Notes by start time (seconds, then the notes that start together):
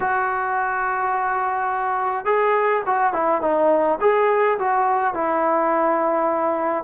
0.00 F#4
2.25 G#4
2.85 F#4
3.13 E4
3.41 D#4
4.01 G#4
4.58 F#4
5.14 E4